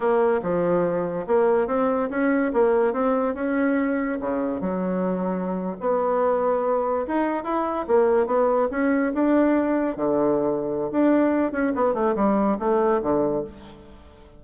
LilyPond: \new Staff \with { instrumentName = "bassoon" } { \time 4/4 \tempo 4 = 143 ais4 f2 ais4 | c'4 cis'4 ais4 c'4 | cis'2 cis4 fis4~ | fis4.~ fis16 b2~ b16~ |
b8. dis'4 e'4 ais4 b16~ | b8. cis'4 d'2 d16~ | d2 d'4. cis'8 | b8 a8 g4 a4 d4 | }